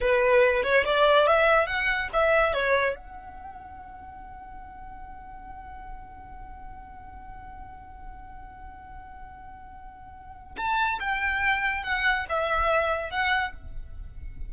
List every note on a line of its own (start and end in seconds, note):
0.00 0.63 B4
0.63 0.84 C#5
0.85 1.27 D5
1.27 1.66 E5
1.66 2.09 F#5
2.13 2.53 E5
2.53 2.95 C#5
2.95 10.56 F#5
10.57 10.99 A5
10.99 11.83 G5
11.83 12.26 F#5
12.29 13.10 E5
13.10 13.53 F#5